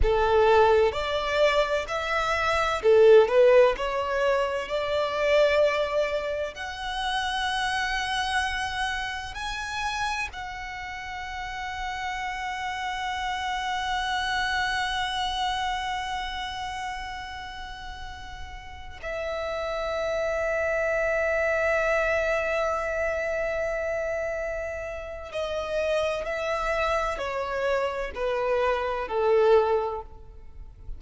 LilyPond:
\new Staff \with { instrumentName = "violin" } { \time 4/4 \tempo 4 = 64 a'4 d''4 e''4 a'8 b'8 | cis''4 d''2 fis''4~ | fis''2 gis''4 fis''4~ | fis''1~ |
fis''1~ | fis''16 e''2.~ e''8.~ | e''2. dis''4 | e''4 cis''4 b'4 a'4 | }